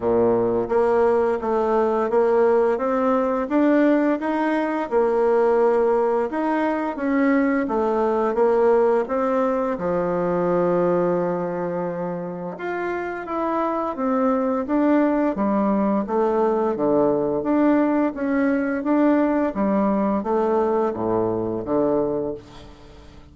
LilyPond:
\new Staff \with { instrumentName = "bassoon" } { \time 4/4 \tempo 4 = 86 ais,4 ais4 a4 ais4 | c'4 d'4 dis'4 ais4~ | ais4 dis'4 cis'4 a4 | ais4 c'4 f2~ |
f2 f'4 e'4 | c'4 d'4 g4 a4 | d4 d'4 cis'4 d'4 | g4 a4 a,4 d4 | }